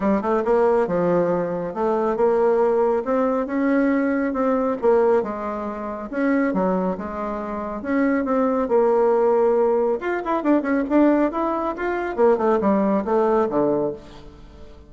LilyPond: \new Staff \with { instrumentName = "bassoon" } { \time 4/4 \tempo 4 = 138 g8 a8 ais4 f2 | a4 ais2 c'4 | cis'2 c'4 ais4 | gis2 cis'4 fis4 |
gis2 cis'4 c'4 | ais2. f'8 e'8 | d'8 cis'8 d'4 e'4 f'4 | ais8 a8 g4 a4 d4 | }